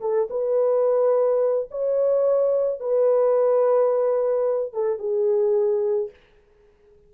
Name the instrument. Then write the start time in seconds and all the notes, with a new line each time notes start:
horn
0.00 A4
0.30 B4
1.70 C#5
2.80 B4
4.73 A4
4.98 G#4